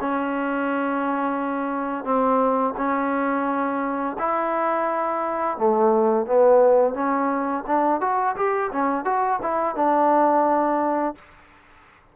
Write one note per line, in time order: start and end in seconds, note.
0.00 2.04 C#4
2.04 2.74 C4
2.77 4.17 C#4
4.19 5.58 E4
5.58 6.26 A3
6.26 6.94 B3
6.94 7.64 C#4
7.67 8.01 D4
8.01 8.36 F#4
8.36 8.71 G4
8.72 9.05 C#4
9.05 9.40 F#4
9.42 9.75 E4
9.75 11.15 D4